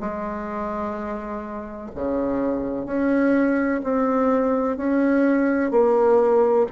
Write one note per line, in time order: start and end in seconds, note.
0.00 1.90 G#3
1.95 2.86 C#3
2.86 3.81 C#4
3.84 4.77 C4
4.77 5.71 C#4
5.71 6.66 A#3